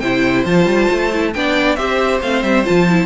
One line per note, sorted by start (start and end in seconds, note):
0.00 0.45 C3
0.00 0.47 E4
0.00 1.32 C5
0.00 0.44 G5
0.45 0.66 F3
0.45 1.12 F4
0.45 1.34 A5
0.66 0.88 G3
0.92 1.35 A3
1.13 1.35 E4
1.34 1.77 B3
1.34 1.78 D4
1.34 1.77 D5
1.34 1.76 G5
1.76 2.21 C4
1.76 2.22 G4
1.76 3.06 C5
1.76 2.20 E5
2.22 2.43 A3
2.22 2.65 C4
2.22 2.43 F5
2.43 2.65 G3
2.43 2.65 E5
2.65 3.06 F3
2.65 2.87 F4
2.65 3.06 A5
2.89 3.06 E4